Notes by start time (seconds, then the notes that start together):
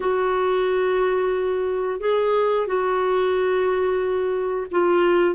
0.00 F#4
2.00 G#4
2.66 F#4
4.71 F4